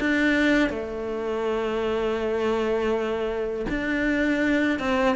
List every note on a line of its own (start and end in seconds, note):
0.00 0.70 D4
0.70 3.66 A3
3.69 4.79 D4
4.79 5.16 C4